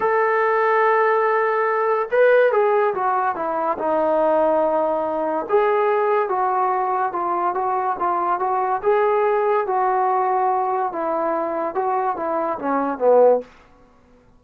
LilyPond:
\new Staff \with { instrumentName = "trombone" } { \time 4/4 \tempo 4 = 143 a'1~ | a'4 b'4 gis'4 fis'4 | e'4 dis'2.~ | dis'4 gis'2 fis'4~ |
fis'4 f'4 fis'4 f'4 | fis'4 gis'2 fis'4~ | fis'2 e'2 | fis'4 e'4 cis'4 b4 | }